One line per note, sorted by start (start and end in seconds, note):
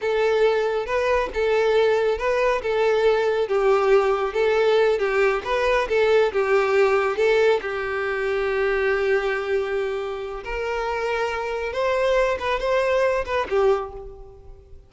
0.01 0.86 A4
0.86 1.29 B4
1.33 2.18 A4
2.18 2.61 B4
2.61 3.48 A4
3.48 4.33 G4
4.33 4.98 A4
4.98 5.42 G4
5.44 5.88 B4
5.88 6.31 A4
6.32 7.16 G4
7.16 7.60 A4
7.61 10.43 G4
10.44 11.73 A#4
11.73 12.38 C5
12.39 12.59 B4
12.59 13.24 C5
13.25 13.47 B4
13.49 13.92 G4